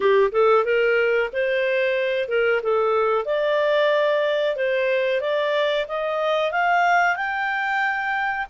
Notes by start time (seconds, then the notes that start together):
0.00 G4
0.32 A4
0.65 A#4
1.32 C5
2.28 A#4
2.62 A4
3.25 D5
4.55 C5
5.20 D5
5.88 D#5
6.51 F5
7.16 G5